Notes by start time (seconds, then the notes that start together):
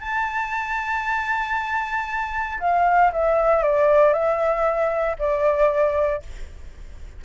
0.00 A5
2.60 F5
3.12 E5
3.63 D5
4.13 E5
5.19 D5